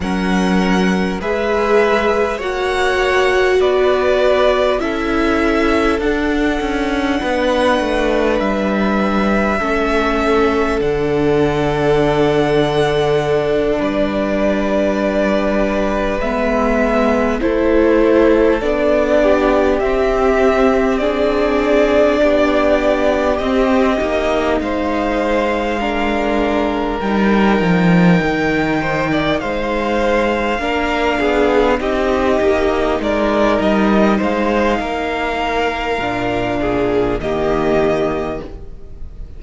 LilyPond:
<<
  \new Staff \with { instrumentName = "violin" } { \time 4/4 \tempo 4 = 50 fis''4 e''4 fis''4 d''4 | e''4 fis''2 e''4~ | e''4 fis''2~ fis''8 d''8~ | d''4. e''4 c''4 d''8~ |
d''8 e''4 d''2 dis''8~ | dis''8 f''2 g''4.~ | g''8 f''2 dis''4 d''8 | dis''8 f''2~ f''8 dis''4 | }
  \new Staff \with { instrumentName = "violin" } { \time 4/4 ais'4 b'4 cis''4 b'4 | a'2 b'2 | a'2.~ a'8 b'8~ | b'2~ b'8 a'4. |
g'4. gis'4 g'4.~ | g'8 c''4 ais'2~ ais'8 | c''16 d''16 c''4 ais'8 gis'8 g'4 ais'8~ | ais'8 c''8 ais'4. gis'8 g'4 | }
  \new Staff \with { instrumentName = "viola" } { \time 4/4 cis'4 gis'4 fis'2 | e'4 d'2. | cis'4 d'2.~ | d'4. b4 e'4 d'8~ |
d'8 c'4 d'2 c'8 | dis'4. d'4 dis'4.~ | dis'4. d'4 dis'4.~ | dis'2 d'4 ais4 | }
  \new Staff \with { instrumentName = "cello" } { \time 4/4 fis4 gis4 ais4 b4 | cis'4 d'8 cis'8 b8 a8 g4 | a4 d2~ d8 g8~ | g4. gis4 a4 b8~ |
b8 c'2 b4 c'8 | ais8 gis2 g8 f8 dis8~ | dis8 gis4 ais8 b8 c'8 ais8 gis8 | g8 gis8 ais4 ais,4 dis4 | }
>>